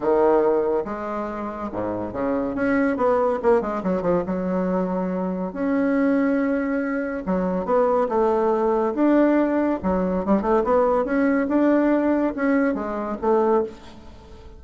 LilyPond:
\new Staff \with { instrumentName = "bassoon" } { \time 4/4 \tempo 4 = 141 dis2 gis2 | gis,4 cis4 cis'4 b4 | ais8 gis8 fis8 f8 fis2~ | fis4 cis'2.~ |
cis'4 fis4 b4 a4~ | a4 d'2 fis4 | g8 a8 b4 cis'4 d'4~ | d'4 cis'4 gis4 a4 | }